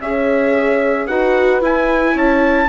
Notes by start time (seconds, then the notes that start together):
0.00 C#4 G#4 C#5 E5
1.06 D#4 F#4 B4 F#5
1.61 E4 G#5
2.13 C#4 C#5 A5